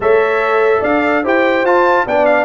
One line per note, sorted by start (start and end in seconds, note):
0.00 0.82 A3
0.00 1.24 A4
0.00 0.80 C#5
0.00 0.83 E5
0.80 1.24 D4
0.80 1.21 D5
0.80 1.24 F5
1.23 1.64 E4
1.23 1.65 G4
1.23 2.05 C5
1.23 1.65 G5
1.64 2.06 F4
1.64 2.07 F4
1.64 2.07 A5
2.06 2.44 B3
2.06 2.44 D4
2.06 2.44 D5
2.06 2.25 G5
2.25 2.44 F5